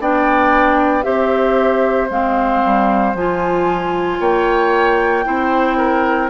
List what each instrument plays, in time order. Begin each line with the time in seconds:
0.00 bassoon B3, clarinet D4, oboe D5, flute G5
1.03 bassoon C4, clarinet G4, oboe C5, flute E5
2.10 bassoon G#3, clarinet C4, flute F5
2.65 bassoon G3
3.14 bassoon F3, clarinet F4, flute G#5
4.20 bassoon A#3, oboe C#5, flute G5
5.25 bassoon C4, clarinet E4, oboe C5
5.77 oboe A#4